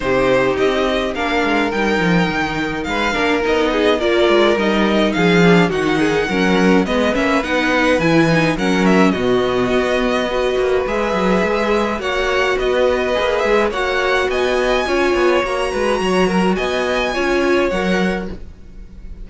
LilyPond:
<<
  \new Staff \with { instrumentName = "violin" } { \time 4/4 \tempo 4 = 105 c''4 dis''4 f''4 g''4~ | g''4 f''4 dis''4 d''4 | dis''4 f''4 fis''2 | dis''8 e''8 fis''4 gis''4 fis''8 e''8 |
dis''2. e''4~ | e''4 fis''4 dis''4. e''8 | fis''4 gis''2 ais''4~ | ais''4 gis''2 fis''4 | }
  \new Staff \with { instrumentName = "violin" } { \time 4/4 g'2 ais'2~ | ais'4 b'8 ais'4 gis'8 ais'4~ | ais'4 gis'4 fis'8 gis'8 ais'4 | b'2. ais'4 |
fis'2 b'2~ | b'4 cis''4 b'2 | cis''4 dis''4 cis''4. b'8 | cis''8 ais'8 dis''4 cis''2 | }
  \new Staff \with { instrumentName = "viola" } { \time 4/4 dis'2 d'4 dis'4~ | dis'4. d'8 dis'4 f'4 | dis'4. d'8 dis'4 cis'4 | b8 cis'8 dis'4 e'8 dis'8 cis'4 |
b2 fis'4 gis'4~ | gis'4 fis'2 gis'4 | fis'2 f'4 fis'4~ | fis'2 f'4 ais'4 | }
  \new Staff \with { instrumentName = "cello" } { \time 4/4 c4 c'4 ais8 gis8 g8 f8 | dis4 gis8 ais8 b4 ais8 gis8 | g4 f4 dis4 fis4 | gis8 ais8 b4 e4 fis4 |
b,4 b4. ais8 gis8 fis8 | gis4 ais4 b4 ais8 gis8 | ais4 b4 cis'8 b8 ais8 gis8 | fis4 b4 cis'4 fis4 | }
>>